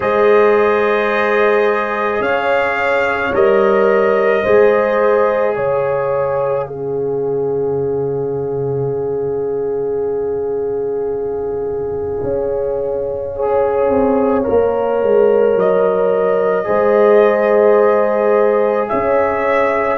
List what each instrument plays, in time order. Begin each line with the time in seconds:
0.00 tuba G#3, trombone G#4, horn C5, trumpet D#5
2.20 tuba C#4, horn C#5, trumpet F5
3.31 tuba G3, trombone A#4, trumpet D#5
4.42 tuba G#3, trombone G#4, horn C5
5.55 tuba C#3, horn C#5, trumpet F5
6.67 trombone C#4, horn G#4
12.23 tuba C#4
13.35 trombone G#4, horn C#5
13.89 tuba C4
14.43 tuba A#3, trombone A#4
15.02 tuba G#3
15.55 tuba F#3, trumpet D#5
16.64 tuba G#3, trombone G#4, horn C5
18.88 tuba C#4, horn C#5, trumpet E5